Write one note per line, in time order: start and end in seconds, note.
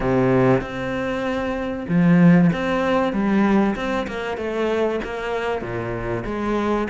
0.00 0.61 C3
0.61 1.86 C4
1.88 2.51 F3
2.53 3.12 C4
3.12 3.75 G3
3.75 4.06 C4
4.07 4.37 A#3
4.37 4.99 A3
5.04 5.61 A#3
5.61 6.24 A#2
6.25 6.87 G#3